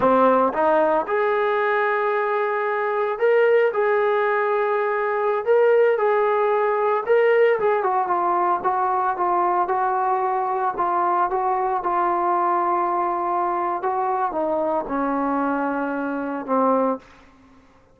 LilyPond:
\new Staff \with { instrumentName = "trombone" } { \time 4/4 \tempo 4 = 113 c'4 dis'4 gis'2~ | gis'2 ais'4 gis'4~ | gis'2~ gis'16 ais'4 gis'8.~ | gis'4~ gis'16 ais'4 gis'8 fis'8 f'8.~ |
f'16 fis'4 f'4 fis'4.~ fis'16~ | fis'16 f'4 fis'4 f'4.~ f'16~ | f'2 fis'4 dis'4 | cis'2. c'4 | }